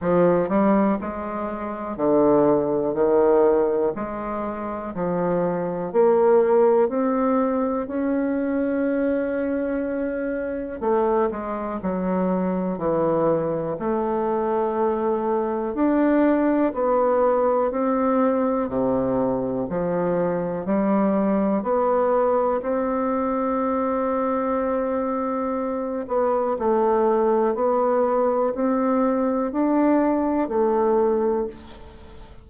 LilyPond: \new Staff \with { instrumentName = "bassoon" } { \time 4/4 \tempo 4 = 61 f8 g8 gis4 d4 dis4 | gis4 f4 ais4 c'4 | cis'2. a8 gis8 | fis4 e4 a2 |
d'4 b4 c'4 c4 | f4 g4 b4 c'4~ | c'2~ c'8 b8 a4 | b4 c'4 d'4 a4 | }